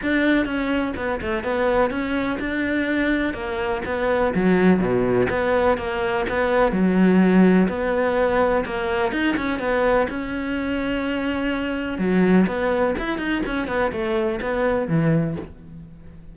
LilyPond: \new Staff \with { instrumentName = "cello" } { \time 4/4 \tempo 4 = 125 d'4 cis'4 b8 a8 b4 | cis'4 d'2 ais4 | b4 fis4 b,4 b4 | ais4 b4 fis2 |
b2 ais4 dis'8 cis'8 | b4 cis'2.~ | cis'4 fis4 b4 e'8 dis'8 | cis'8 b8 a4 b4 e4 | }